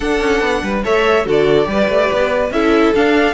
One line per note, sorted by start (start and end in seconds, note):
0.00 0.82 D4
0.00 0.21 D4
0.00 0.61 A4
0.00 0.82 F#5
0.21 0.41 C#4
0.41 0.62 B3
0.62 0.83 G3
0.62 0.84 B4
0.83 1.26 A3
0.83 1.25 A4
0.83 1.26 C#5
0.83 1.27 E5
1.25 1.67 D3
1.25 1.63 F#4
1.25 1.68 A4
1.25 2.51 D5
1.63 1.88 G3
1.63 2.47 G4
1.63 2.53 B4
1.88 2.09 A3
2.12 2.50 B3
2.50 2.92 C#4
2.50 2.94 E4
2.50 3.34 A4
2.50 2.93 E5
2.94 3.34 D4
2.94 3.34 F5